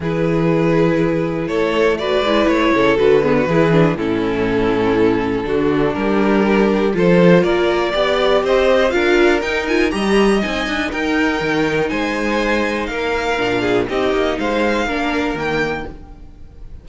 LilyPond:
<<
  \new Staff \with { instrumentName = "violin" } { \time 4/4 \tempo 4 = 121 b'2. cis''4 | d''4 cis''4 b'2 | a'1 | ais'2 c''4 d''4~ |
d''4 dis''4 f''4 g''8 gis''8 | ais''4 gis''4 g''2 | gis''2 f''2 | dis''4 f''2 g''4 | }
  \new Staff \with { instrumentName = "violin" } { \time 4/4 gis'2. a'4 | b'4. a'4 gis'16 fis'16 gis'4 | e'2. fis'4 | g'2 a'4 ais'4 |
d''4 c''4 ais'2 | dis''2 ais'2 | c''2 ais'4. gis'8 | g'4 c''4 ais'2 | }
  \new Staff \with { instrumentName = "viola" } { \time 4/4 e'1 | fis'8 e'4. fis'8 b8 e'8 d'8 | cis'2. d'4~ | d'2 f'2 |
g'2 f'4 dis'8 f'8 | g'4 dis'2.~ | dis'2. d'4 | dis'2 d'4 ais4 | }
  \new Staff \with { instrumentName = "cello" } { \time 4/4 e2. a4~ | a8 gis8 a8 cis8 d4 e4 | a,2. d4 | g2 f4 ais4 |
b4 c'4 d'4 dis'4 | g4 c'8 d'8 dis'4 dis4 | gis2 ais4 ais,4 | c'8 ais8 gis4 ais4 dis4 | }
>>